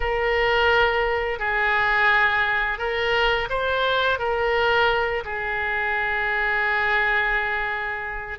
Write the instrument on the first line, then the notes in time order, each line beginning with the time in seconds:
oboe
0.00 A#4
1.39 G#4
2.78 A#4
3.49 C5
4.19 A#4
5.25 G#4